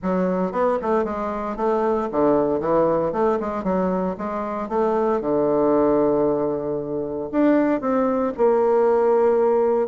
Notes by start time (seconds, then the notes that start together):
0.02 F#3
0.51 B3
0.82 A3
1.04 G#3
1.56 A3
2.11 D3
2.60 E3
3.12 A3
3.40 G#3
3.63 F#3
4.17 G#3
4.68 A3
5.20 D3
7.31 D4
7.80 C4
8.37 A#3